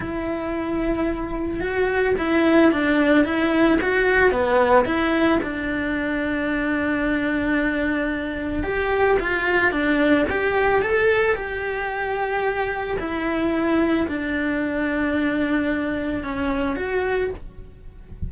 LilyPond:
\new Staff \with { instrumentName = "cello" } { \time 4/4 \tempo 4 = 111 e'2. fis'4 | e'4 d'4 e'4 fis'4 | b4 e'4 d'2~ | d'1 |
g'4 f'4 d'4 g'4 | a'4 g'2. | e'2 d'2~ | d'2 cis'4 fis'4 | }